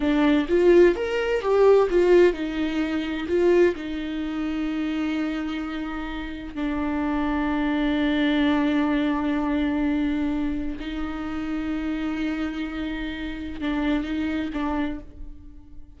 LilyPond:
\new Staff \with { instrumentName = "viola" } { \time 4/4 \tempo 4 = 128 d'4 f'4 ais'4 g'4 | f'4 dis'2 f'4 | dis'1~ | dis'2 d'2~ |
d'1~ | d'2. dis'4~ | dis'1~ | dis'4 d'4 dis'4 d'4 | }